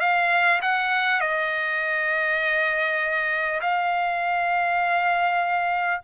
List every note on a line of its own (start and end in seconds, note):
0.00 0.60 F5
0.62 1.21 F#5
1.21 3.61 D#5
3.61 6.01 F5